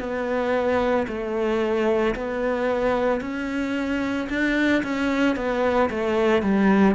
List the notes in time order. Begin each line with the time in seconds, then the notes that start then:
0.00 B3
1.08 A3
2.16 B3
3.21 C#4
4.30 D4
4.84 C#4
5.37 B3
5.90 A3
6.43 G3